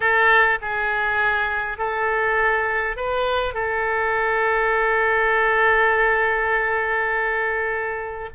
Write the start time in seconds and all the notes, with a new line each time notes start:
0.00 A4
0.61 G#4
1.77 A4
2.96 B4
3.53 A4